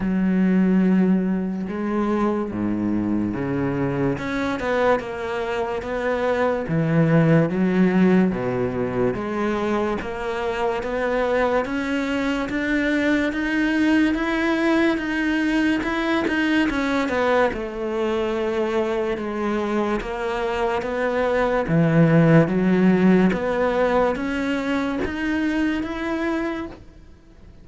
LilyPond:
\new Staff \with { instrumentName = "cello" } { \time 4/4 \tempo 4 = 72 fis2 gis4 gis,4 | cis4 cis'8 b8 ais4 b4 | e4 fis4 b,4 gis4 | ais4 b4 cis'4 d'4 |
dis'4 e'4 dis'4 e'8 dis'8 | cis'8 b8 a2 gis4 | ais4 b4 e4 fis4 | b4 cis'4 dis'4 e'4 | }